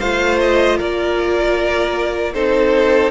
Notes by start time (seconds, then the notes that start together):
0.00 A3 F4 C5 F5
0.40 D#5
0.77 A#3 A#4 D5
2.34 C4 D#4 A4 C5